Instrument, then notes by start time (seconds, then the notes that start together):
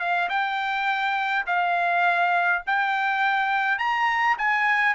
trumpet
0.00 F5
0.29 G5
1.47 F5
2.67 G5
3.79 A#5
4.38 G#5